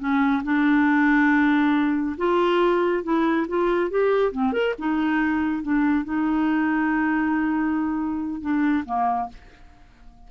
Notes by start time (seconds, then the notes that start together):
0.00 C#4
0.44 D4
2.18 F4
3.04 E4
3.49 F4
3.91 G4
4.32 C4
4.53 A#4
4.79 D#4
5.63 D4
6.05 D#4
8.42 D4
8.86 A#3